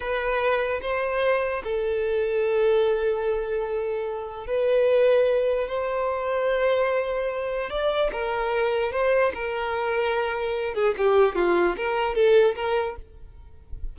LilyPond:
\new Staff \with { instrumentName = "violin" } { \time 4/4 \tempo 4 = 148 b'2 c''2 | a'1~ | a'2. b'4~ | b'2 c''2~ |
c''2. d''4 | ais'2 c''4 ais'4~ | ais'2~ ais'8 gis'8 g'4 | f'4 ais'4 a'4 ais'4 | }